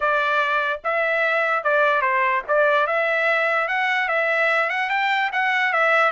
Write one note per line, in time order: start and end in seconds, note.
0.00 0.80 D5
0.84 1.63 E5
1.63 2.01 D5
2.01 2.42 C5
2.47 2.86 D5
2.86 3.67 E5
3.67 4.08 F#5
4.08 4.69 E5
4.69 4.89 F#5
4.89 5.30 G5
5.32 5.73 F#5
5.73 6.11 E5